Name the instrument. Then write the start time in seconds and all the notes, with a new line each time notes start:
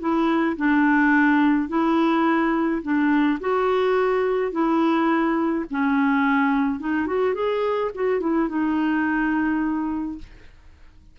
clarinet
0.00 E4
0.57 D4
1.69 E4
2.83 D4
3.40 F#4
4.52 E4
5.71 C#4
6.80 D#4
7.07 F#4
7.34 G#4
7.95 F#4
8.20 E4
8.49 D#4